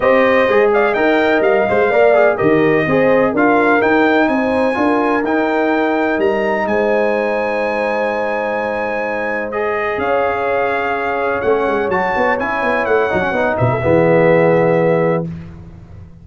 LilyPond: <<
  \new Staff \with { instrumentName = "trumpet" } { \time 4/4 \tempo 4 = 126 dis''4. f''8 g''4 f''4~ | f''4 dis''2 f''4 | g''4 gis''2 g''4~ | g''4 ais''4 gis''2~ |
gis''1 | dis''4 f''2. | fis''4 a''4 gis''4 fis''4~ | fis''8 e''2.~ e''8 | }
  \new Staff \with { instrumentName = "horn" } { \time 4/4 c''4. d''8 dis''2 | d''4 ais'4 c''4 ais'4~ | ais'4 c''4 ais'2~ | ais'2 c''2~ |
c''1~ | c''4 cis''2.~ | cis''1~ | cis''8 b'16 a'16 gis'2. | }
  \new Staff \with { instrumentName = "trombone" } { \time 4/4 g'4 gis'4 ais'4. c''8 | ais'8 gis'8 g'4 gis'4 f'4 | dis'2 f'4 dis'4~ | dis'1~ |
dis'1 | gis'1 | cis'4 fis'4 e'4. dis'16 cis'16 | dis'4 b2. | }
  \new Staff \with { instrumentName = "tuba" } { \time 4/4 c'4 gis4 dis'4 g8 gis8 | ais4 dis4 c'4 d'4 | dis'4 c'4 d'4 dis'4~ | dis'4 g4 gis2~ |
gis1~ | gis4 cis'2. | a8 gis8 fis8 b8 cis'8 b8 a8 fis8 | b8 b,8 e2. | }
>>